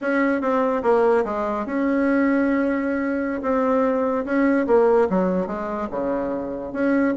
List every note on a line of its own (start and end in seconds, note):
0.01 0.41 C#4
0.41 0.82 C4
0.83 1.24 A#3
1.24 1.66 G#3
1.66 3.41 C#4
3.42 4.24 C4
4.25 4.66 C#4
4.66 5.08 A#3
5.09 5.47 F#3
5.47 5.88 G#3
5.90 6.72 C#3
6.72 7.14 C#4